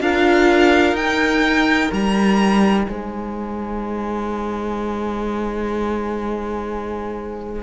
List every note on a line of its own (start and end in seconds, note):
0.00 0.92 D4
0.00 0.96 F4
0.00 2.88 A#4
0.00 0.96 F5
0.92 1.88 D#4
0.92 7.62 D#4
0.92 1.91 G5
1.91 2.87 G3
1.91 2.87 A#5
2.87 7.62 G#3
2.87 7.62 C5
2.87 7.62 G#5